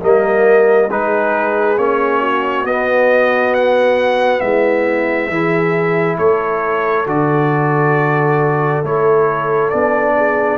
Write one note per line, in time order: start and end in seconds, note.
0.00 0.90 G3
0.00 0.89 A#3
0.00 0.88 A#4
0.00 0.90 D#5
0.88 1.77 G#3
0.88 1.78 D#4
0.88 2.20 G#4
0.88 1.78 B4
1.77 2.64 A#3
1.77 2.66 C#4
1.77 2.66 C#5
2.21 4.41 F#4
2.64 4.40 B3
2.64 5.31 B3
2.64 3.54 D#5
3.54 4.40 F#5
4.40 5.29 G#3
4.40 5.30 E4
4.40 6.17 E5
5.29 6.17 E3
5.29 7.06 E4
5.29 6.17 G#4
6.17 7.06 A3
6.17 10.14 A4
6.17 7.06 C#5
7.06 8.83 D3
7.06 8.83 F#4
7.06 8.84 D5
8.83 9.72 A3
8.83 9.71 E4
8.83 9.69 C#5
9.69 10.57 B3
9.69 10.57 D4
9.69 10.57 D5
10.16 10.57 G#4